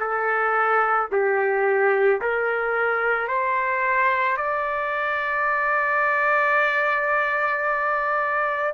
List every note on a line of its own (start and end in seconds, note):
0.00 1.09 A4
1.12 2.21 G4
2.22 3.28 A#4
3.28 4.37 C5
4.37 8.74 D5